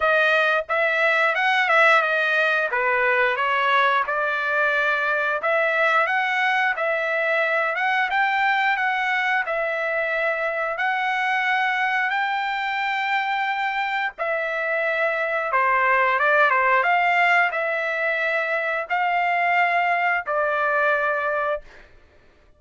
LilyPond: \new Staff \with { instrumentName = "trumpet" } { \time 4/4 \tempo 4 = 89 dis''4 e''4 fis''8 e''8 dis''4 | b'4 cis''4 d''2 | e''4 fis''4 e''4. fis''8 | g''4 fis''4 e''2 |
fis''2 g''2~ | g''4 e''2 c''4 | d''8 c''8 f''4 e''2 | f''2 d''2 | }